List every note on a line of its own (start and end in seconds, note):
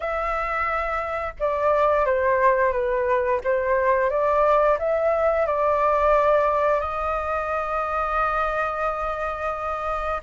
0.00 1.33 E5
1.39 2.05 D5
2.05 2.72 C5
2.72 3.40 B4
3.43 4.09 C5
4.09 4.78 D5
4.79 5.46 E5
5.46 6.80 D5
6.80 10.21 D#5